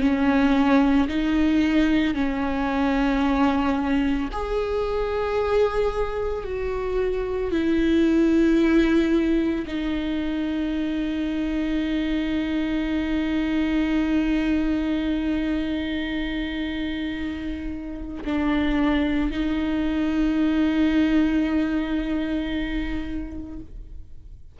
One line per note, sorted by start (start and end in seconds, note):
0.00 1.07 C#4
1.08 2.14 D#4
2.14 4.28 C#4
4.31 6.44 G#4
6.44 7.51 F#4
7.51 9.65 E4
9.66 18.23 D#4
18.24 19.31 D4
19.31 23.59 D#4